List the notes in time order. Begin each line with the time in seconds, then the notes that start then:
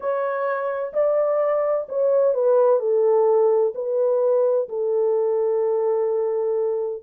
0.00 C#5
0.93 D5
1.88 C#5
2.34 B4
2.79 A4
3.74 B4
4.68 A4